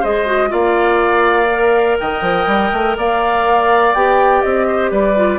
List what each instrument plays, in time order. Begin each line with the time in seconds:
0.00 bassoon G#3, clarinet G#4, oboe C5, flute D#5
0.26 clarinet F#4
0.49 bassoon A#3, clarinet F4, oboe D5, flute F5
1.53 clarinet A#4
1.99 bassoon D#3, oboe D#5, flute G5
2.21 bassoon F3
2.46 bassoon G3
2.72 bassoon A3
2.97 bassoon A#3, oboe D5, flute F5
3.94 bassoon B3, clarinet G4, flute G5
4.41 bassoon C4, flute D#5
4.67 oboe C5
4.91 bassoon G3, oboe B4, flute D5
5.16 clarinet F4